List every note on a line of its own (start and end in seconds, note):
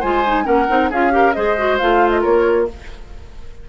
0.00 0.47 G#3
0.00 0.25 F4
0.00 0.44 C5
0.00 0.46 G#5
0.26 0.44 D#4
0.44 0.69 A#3
0.44 0.66 C#4
0.44 0.90 A#4
0.44 0.90 F#5
0.68 0.91 C4
0.68 0.90 D#4
0.90 1.35 C#4
0.90 1.11 F4
0.90 1.12 G#4
0.90 1.33 F5
1.11 1.33 G4
1.11 1.36 A#4
1.33 1.81 G#3
1.33 1.57 G#4
1.33 2.21 C5
1.33 1.77 D#5
1.58 1.80 F#4
1.78 2.25 A3
1.78 2.69 F4
1.78 2.10 F5
2.10 2.21 D#5
2.21 2.69 A#3
2.21 2.65 A#4
2.21 2.67 C#5